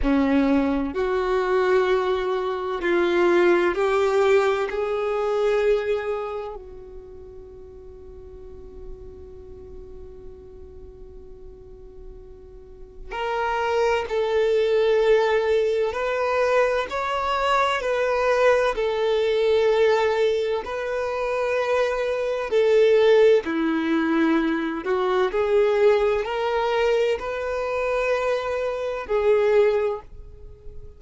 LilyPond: \new Staff \with { instrumentName = "violin" } { \time 4/4 \tempo 4 = 64 cis'4 fis'2 f'4 | g'4 gis'2 fis'4~ | fis'1~ | fis'2 ais'4 a'4~ |
a'4 b'4 cis''4 b'4 | a'2 b'2 | a'4 e'4. fis'8 gis'4 | ais'4 b'2 gis'4 | }